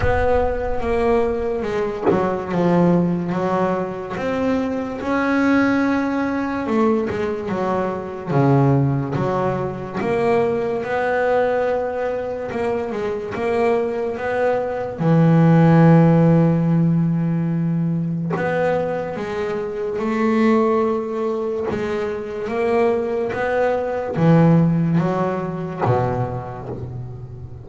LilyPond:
\new Staff \with { instrumentName = "double bass" } { \time 4/4 \tempo 4 = 72 b4 ais4 gis8 fis8 f4 | fis4 c'4 cis'2 | a8 gis8 fis4 cis4 fis4 | ais4 b2 ais8 gis8 |
ais4 b4 e2~ | e2 b4 gis4 | a2 gis4 ais4 | b4 e4 fis4 b,4 | }